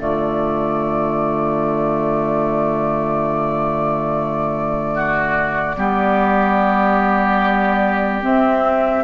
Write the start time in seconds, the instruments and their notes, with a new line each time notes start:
0.00 bassoon D3, clarinet A3, oboe F4, flute D5
4.94 oboe F#4
5.78 bassoon G3, clarinet B3, oboe G4
8.22 clarinet C4, bassoon C4, flute E5